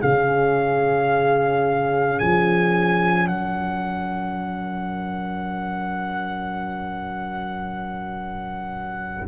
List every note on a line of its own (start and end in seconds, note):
0.00 2.21 C#3
0.00 9.27 C#4
0.00 3.27 G#4
0.00 2.19 F5
2.19 3.28 F3
2.19 3.27 G#5
3.27 9.27 F#3
3.27 9.27 A#4
3.27 9.27 F#5